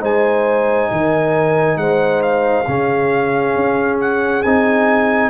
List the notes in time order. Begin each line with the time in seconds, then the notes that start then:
0.00 G#3 D#4 C5 G#5
0.91 D#3 A#4
1.76 G#3 C5 F#5
2.22 F5
2.67 C#3 C#4 G#4
3.55 C#4
4.00 F#5
4.42 C4 D#4 G#5